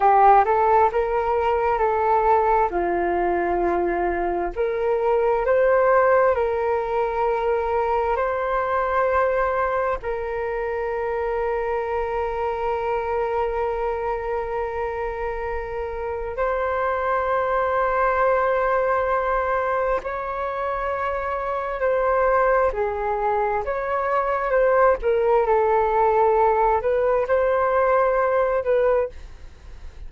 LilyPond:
\new Staff \with { instrumentName = "flute" } { \time 4/4 \tempo 4 = 66 g'8 a'8 ais'4 a'4 f'4~ | f'4 ais'4 c''4 ais'4~ | ais'4 c''2 ais'4~ | ais'1~ |
ais'2 c''2~ | c''2 cis''2 | c''4 gis'4 cis''4 c''8 ais'8 | a'4. b'8 c''4. b'8 | }